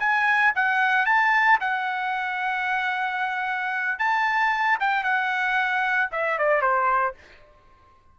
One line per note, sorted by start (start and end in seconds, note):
0.00 0.53 G#5
0.56 1.06 F#5
1.06 1.59 A5
1.61 3.99 F#5
3.99 4.79 A5
4.81 5.04 G5
5.04 6.10 F#5
6.12 6.39 E5
6.39 6.62 D5
6.62 7.15 C5